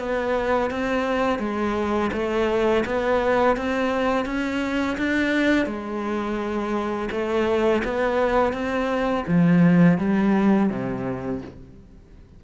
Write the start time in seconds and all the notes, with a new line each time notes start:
0.00 B3
0.71 C4
1.40 G#3
2.13 A3
2.86 B3
3.57 C4
4.26 C#4
4.98 D4
5.67 G#3
7.12 A3
7.85 B3
8.54 C4
9.28 F3
9.99 G3
10.70 C3